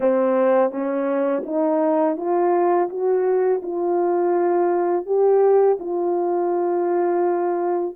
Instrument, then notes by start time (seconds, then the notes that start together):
horn
0.00 C4
0.71 C#4
1.45 D#4
2.16 F4
2.89 F#4
3.62 F4
5.05 G4
5.79 F4